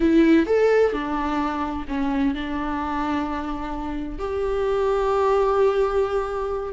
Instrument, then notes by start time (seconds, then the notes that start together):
viola
0.00 E4
0.46 A4
0.92 D4
1.88 C#4
2.34 D4
4.18 G4